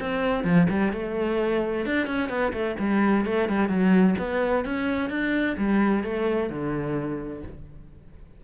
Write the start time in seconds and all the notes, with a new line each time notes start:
0.00 C4
0.44 F3
0.70 G3
0.93 A3
1.86 D4
2.07 C#4
2.29 B3
2.53 A3
2.79 G3
3.26 A3
3.49 G3
3.69 F#3
4.19 B3
4.65 C#4
5.10 D4
5.58 G3
6.04 A3
6.50 D3